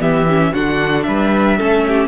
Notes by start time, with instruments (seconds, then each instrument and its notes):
0.00 cello E3, viola B3, violin G4 E5
0.29 viola C#4
0.53 cello D3, viola D4, violin F#4 F#5
1.03 cello G3, violin B4 E5
1.58 cello A3, viola C#4, violin A4
1.88 violin G4